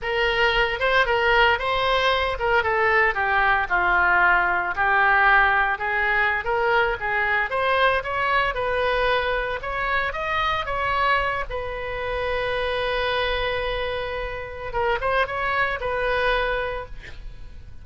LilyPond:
\new Staff \with { instrumentName = "oboe" } { \time 4/4 \tempo 4 = 114 ais'4. c''8 ais'4 c''4~ | c''8 ais'8 a'4 g'4 f'4~ | f'4 g'2 gis'4~ | gis'16 ais'4 gis'4 c''4 cis''8.~ |
cis''16 b'2 cis''4 dis''8.~ | dis''16 cis''4. b'2~ b'16~ | b'1 | ais'8 c''8 cis''4 b'2 | }